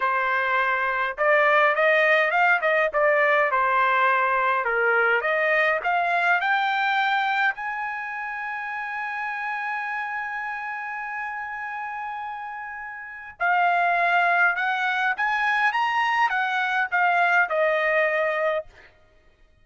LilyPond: \new Staff \with { instrumentName = "trumpet" } { \time 4/4 \tempo 4 = 103 c''2 d''4 dis''4 | f''8 dis''8 d''4 c''2 | ais'4 dis''4 f''4 g''4~ | g''4 gis''2.~ |
gis''1~ | gis''2. f''4~ | f''4 fis''4 gis''4 ais''4 | fis''4 f''4 dis''2 | }